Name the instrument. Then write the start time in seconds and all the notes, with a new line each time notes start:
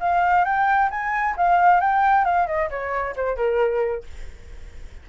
flute
0.00 F5
0.45 G5
0.90 G#5
1.37 F5
1.80 G5
2.25 F5
2.47 D#5
2.70 C#5
3.16 C5
3.36 A#4